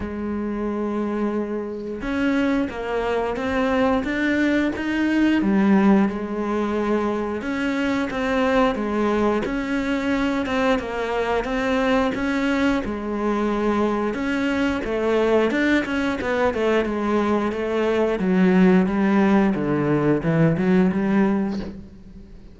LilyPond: \new Staff \with { instrumentName = "cello" } { \time 4/4 \tempo 4 = 89 gis2. cis'4 | ais4 c'4 d'4 dis'4 | g4 gis2 cis'4 | c'4 gis4 cis'4. c'8 |
ais4 c'4 cis'4 gis4~ | gis4 cis'4 a4 d'8 cis'8 | b8 a8 gis4 a4 fis4 | g4 d4 e8 fis8 g4 | }